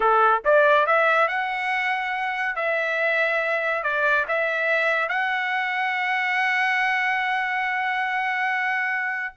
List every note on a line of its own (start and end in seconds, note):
0.00 0.42 A4
0.44 0.86 D5
0.86 1.28 E5
1.28 2.55 F#5
2.55 3.83 E5
3.83 4.25 D5
4.27 5.09 E5
5.09 9.34 F#5